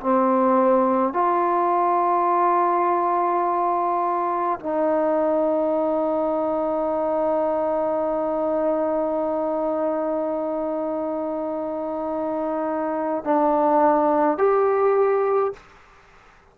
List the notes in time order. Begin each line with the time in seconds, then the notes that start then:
0.00 C4
1.13 F4
4.59 D#4
13.24 D4
14.38 G4